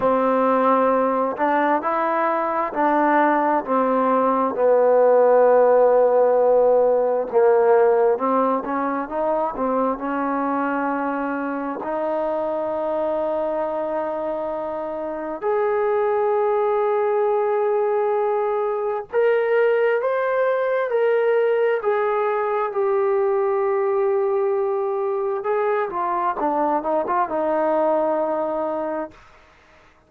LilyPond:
\new Staff \with { instrumentName = "trombone" } { \time 4/4 \tempo 4 = 66 c'4. d'8 e'4 d'4 | c'4 b2. | ais4 c'8 cis'8 dis'8 c'8 cis'4~ | cis'4 dis'2.~ |
dis'4 gis'2.~ | gis'4 ais'4 c''4 ais'4 | gis'4 g'2. | gis'8 f'8 d'8 dis'16 f'16 dis'2 | }